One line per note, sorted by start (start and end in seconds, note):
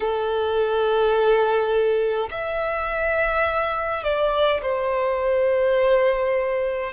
0.00 2.29 A4
2.30 4.03 E5
4.03 4.61 D5
4.62 6.92 C5